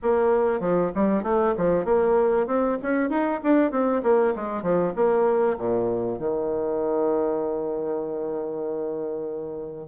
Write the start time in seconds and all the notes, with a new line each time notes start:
0.02 A#3
0.60 F3
0.94 G3
1.23 A3
1.57 F3
1.84 A#3
2.46 C4
2.82 C#4
3.09 D#4
3.43 D4
3.71 C4
4.03 A#3
4.35 G#3
4.62 F3
4.95 A#3
5.57 A#2
6.19 D#3